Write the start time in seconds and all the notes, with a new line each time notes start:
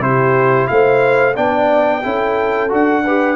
0.00 C3 E4 G4 C5
0.68 A3 C5 F5
1.35 B3 D4 D5 G5
2.03 C#4 E4 A4
2.70 D4 F#4 F#5
3.04 G4 B4